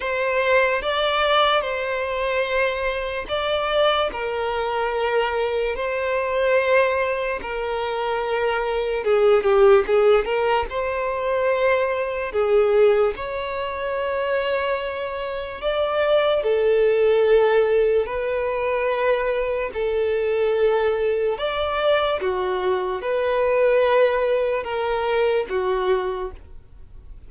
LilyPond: \new Staff \with { instrumentName = "violin" } { \time 4/4 \tempo 4 = 73 c''4 d''4 c''2 | d''4 ais'2 c''4~ | c''4 ais'2 gis'8 g'8 | gis'8 ais'8 c''2 gis'4 |
cis''2. d''4 | a'2 b'2 | a'2 d''4 fis'4 | b'2 ais'4 fis'4 | }